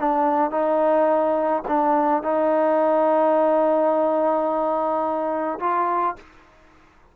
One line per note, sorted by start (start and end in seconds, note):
0.00 0.51 D4
0.51 1.63 D#4
1.68 2.23 D4
2.23 5.60 D#4
5.60 6.16 F4